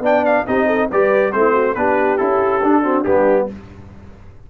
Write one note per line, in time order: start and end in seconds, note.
0.00 0.43 B3
0.00 0.47 D4
0.00 0.46 D5
0.00 0.25 G5
0.25 0.47 F5
0.47 0.90 C4
0.47 0.90 D#4
0.47 0.67 G4
0.47 0.90 D#5
0.67 0.89 A4
0.91 1.34 G3
0.91 1.33 G4
0.91 1.34 B4
0.91 1.33 D5
1.33 1.76 A3
1.33 1.76 C4
1.33 1.53 E4
1.33 1.75 C5
1.53 1.75 F#4
1.75 2.19 B3
1.75 2.19 D4
1.75 2.83 G4
1.75 2.18 B4
2.18 2.64 C#4
2.18 2.62 E4
2.18 3.04 A4
2.64 3.07 D4
2.64 2.84 D4
2.83 3.05 C4
2.83 3.04 F#4
3.04 3.50 G3
3.04 3.49 B3
3.04 3.47 D4
3.04 3.48 G4